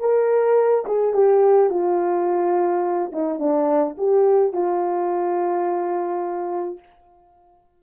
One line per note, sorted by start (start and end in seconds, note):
0.00 0.85 A#4
0.85 1.14 G#4
1.14 1.70 G4
1.70 3.12 F4
3.13 3.39 D#4
3.39 3.96 D4
3.98 4.53 G4
4.53 6.80 F4